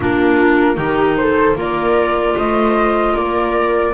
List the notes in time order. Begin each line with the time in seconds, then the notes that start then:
0.00 A#3 D4 F4 A#4
0.75 D#3 D#4 G4
1.16 A4 C5
1.55 A#3 F4 A#4 D5
2.35 A3 C5 D#5
3.13 A#3 A#4 D5